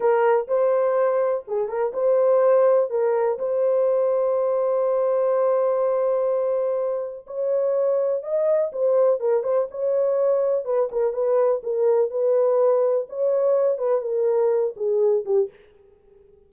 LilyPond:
\new Staff \with { instrumentName = "horn" } { \time 4/4 \tempo 4 = 124 ais'4 c''2 gis'8 ais'8 | c''2 ais'4 c''4~ | c''1~ | c''2. cis''4~ |
cis''4 dis''4 c''4 ais'8 c''8 | cis''2 b'8 ais'8 b'4 | ais'4 b'2 cis''4~ | cis''8 b'8 ais'4. gis'4 g'8 | }